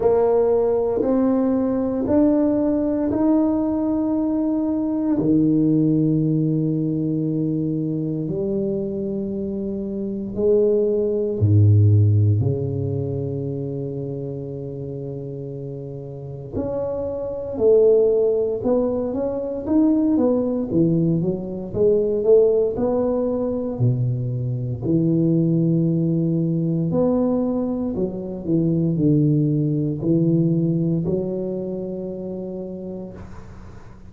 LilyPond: \new Staff \with { instrumentName = "tuba" } { \time 4/4 \tempo 4 = 58 ais4 c'4 d'4 dis'4~ | dis'4 dis2. | g2 gis4 gis,4 | cis1 |
cis'4 a4 b8 cis'8 dis'8 b8 | e8 fis8 gis8 a8 b4 b,4 | e2 b4 fis8 e8 | d4 e4 fis2 | }